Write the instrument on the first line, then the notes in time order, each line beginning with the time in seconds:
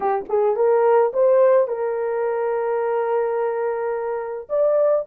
horn
0.00 G4
0.28 G#4
0.56 A#4
1.13 C5
1.67 A#4
4.49 D5